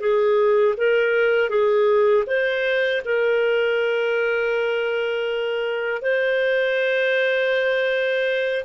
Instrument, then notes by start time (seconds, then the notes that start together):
clarinet
0.00 G#4
0.77 A#4
1.49 G#4
2.27 C5
3.05 A#4
6.02 C5